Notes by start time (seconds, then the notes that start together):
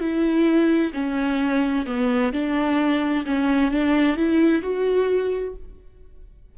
0.00 E4
0.94 C#4
1.86 B3
2.32 D4
3.26 C#4
3.70 D4
4.17 E4
4.62 F#4